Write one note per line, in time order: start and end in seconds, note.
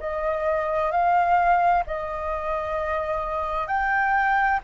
0.00 0.92 D#5
0.92 1.84 F5
1.87 3.68 D#5
3.68 4.60 G5